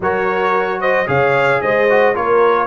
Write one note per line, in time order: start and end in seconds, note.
0.00 1.07 F#3
0.00 1.06 F#4
0.00 0.80 A#4
0.00 0.81 C#5
0.80 1.07 C5
0.80 1.07 D#5
1.06 1.61 C#3
1.06 1.86 G#4
1.06 1.61 C#5
1.06 1.61 F5
1.61 2.15 G#3
1.61 2.15 C5
1.61 2.15 D#5
1.89 2.14 F#4
2.14 2.66 A#3
2.14 2.66 F4
2.14 2.66 A#4
2.14 2.66 C#5